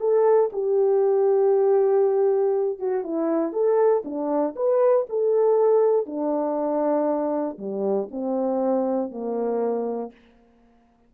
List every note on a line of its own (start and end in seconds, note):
0.00 0.50 A4
0.53 2.79 G4
2.79 3.04 F#4
3.04 3.53 E4
3.53 4.04 A4
4.05 4.55 D4
4.56 5.06 B4
5.10 6.07 A4
6.07 7.58 D4
7.59 8.09 G3
8.11 9.11 C4
9.11 10.12 A#3